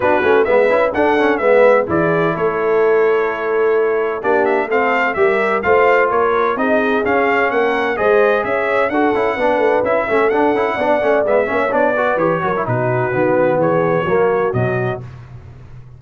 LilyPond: <<
  \new Staff \with { instrumentName = "trumpet" } { \time 4/4 \tempo 4 = 128 b'4 e''4 fis''4 e''4 | d''4 cis''2.~ | cis''4 d''8 e''8 f''4 e''4 | f''4 cis''4 dis''4 f''4 |
fis''4 dis''4 e''4 fis''4~ | fis''4 e''4 fis''2 | e''4 d''4 cis''4 b'4~ | b'4 cis''2 dis''4 | }
  \new Staff \with { instrumentName = "horn" } { \time 4/4 fis'4 b'4 a'4 b'4 | gis'4 a'2.~ | a'4 g'4 a'4 ais'4 | c''4 ais'4 gis'2 |
ais'4 c''4 cis''4 a'4 | b'4. a'4. d''4~ | d''8 cis''4 b'4 ais'8 fis'4~ | fis'4 gis'4 fis'2 | }
  \new Staff \with { instrumentName = "trombone" } { \time 4/4 d'8 cis'8 b8 e'8 d'8 cis'8 b4 | e'1~ | e'4 d'4 c'4 g'4 | f'2 dis'4 cis'4~ |
cis'4 gis'2 fis'8 e'8 | d'4 e'8 cis'8 d'8 e'8 d'8 cis'8 | b8 cis'8 d'8 fis'8 g'8 fis'16 e'16 dis'4 | b2 ais4 fis4 | }
  \new Staff \with { instrumentName = "tuba" } { \time 4/4 b8 a8 gis8 cis'8 d'4 gis4 | e4 a2.~ | a4 ais4 a4 g4 | a4 ais4 c'4 cis'4 |
ais4 gis4 cis'4 d'8 cis'8 | b8 a8 cis'8 a8 d'8 cis'8 b8 a8 | gis8 ais8 b4 e8 fis8 b,4 | dis4 e4 fis4 b,4 | }
>>